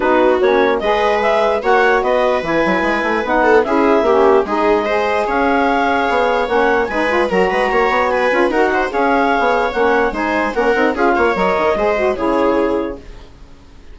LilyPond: <<
  \new Staff \with { instrumentName = "clarinet" } { \time 4/4 \tempo 4 = 148 b'4 cis''4 dis''4 e''4 | fis''4 dis''4 gis''2 | fis''4 e''2 dis''4~ | dis''4 f''2. |
fis''4 gis''4 ais''2 | gis''4 fis''4 f''2 | fis''4 gis''4 fis''4 f''4 | dis''2 cis''2 | }
  \new Staff \with { instrumentName = "viola" } { \time 4/4 fis'2 b'2 | cis''4 b'2.~ | b'8 a'8 gis'4 g'4 gis'4 | c''4 cis''2.~ |
cis''4 b'4 ais'8 b'8 cis''4 | b'4 ais'8 c''8 cis''2~ | cis''4 c''4 ais'4 gis'8 cis''8~ | cis''4 c''4 gis'2 | }
  \new Staff \with { instrumentName = "saxophone" } { \time 4/4 dis'4 cis'4 gis'2 | fis'2 e'2 | dis'4 e'4 cis'4 dis'4 | gis'1 |
cis'4 dis'8 f'8 fis'2~ | fis'8 f'8 fis'4 gis'2 | cis'4 dis'4 cis'8 dis'8 f'4 | ais'4 gis'8 fis'8 e'2 | }
  \new Staff \with { instrumentName = "bassoon" } { \time 4/4 b4 ais4 gis2 | ais4 b4 e8 fis8 gis8 a8 | b4 cis'4 ais4 gis4~ | gis4 cis'2 b4 |
ais4 gis4 fis8 gis8 ais8 b8~ | b8 cis'8 dis'4 cis'4~ cis'16 b8. | ais4 gis4 ais8 c'8 cis'8 ais8 | fis8 dis8 gis4 cis2 | }
>>